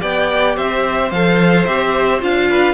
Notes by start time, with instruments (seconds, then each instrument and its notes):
0.00 cello B3, viola G4, violin D5 G5
0.56 cello C4, violin C5 E5
1.11 cello F3, viola A4, violin F5
1.65 cello C4, viola G4, violin E5
2.20 cello D4, viola F4, violin F5
2.49 violin B4